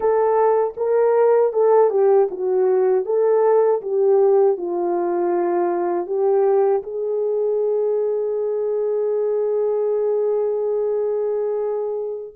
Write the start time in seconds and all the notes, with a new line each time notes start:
0.00 A4
0.76 A#4
1.52 A4
1.90 G4
2.30 F#4
3.05 A4
3.81 G4
4.57 F4
6.06 G4
6.83 G#4